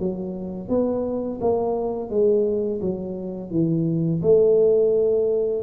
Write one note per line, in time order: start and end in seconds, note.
0.00 0.69 F#3
0.69 1.40 B3
1.42 2.10 A#3
2.10 2.81 G#3
2.81 3.51 F#3
3.51 4.22 E3
4.23 5.63 A3